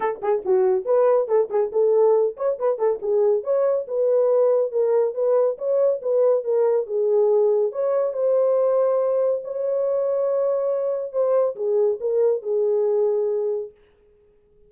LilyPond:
\new Staff \with { instrumentName = "horn" } { \time 4/4 \tempo 4 = 140 a'8 gis'8 fis'4 b'4 a'8 gis'8 | a'4. cis''8 b'8 a'8 gis'4 | cis''4 b'2 ais'4 | b'4 cis''4 b'4 ais'4 |
gis'2 cis''4 c''4~ | c''2 cis''2~ | cis''2 c''4 gis'4 | ais'4 gis'2. | }